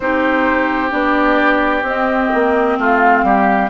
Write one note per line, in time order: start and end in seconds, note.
0.00 0.92 C4
0.00 0.90 D#4
0.00 2.78 G4
0.00 0.91 C5
0.90 1.82 B3
0.90 1.82 D4
0.90 1.84 D5
1.82 2.28 C4
1.82 3.70 C4
1.82 2.78 D#5
2.34 2.78 A#3
2.78 3.23 A3
2.78 3.24 F4
2.78 3.70 F5
3.23 3.69 G3
3.23 3.70 G4